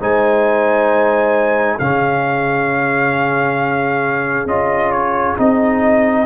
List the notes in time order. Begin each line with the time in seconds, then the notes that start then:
0.00 G#3 D#4 C5 G#5
1.78 C#3 C#4 G#4 F5
4.46 C#4 F4 D#5
4.92 C#5
5.37 C4 D#4 D#5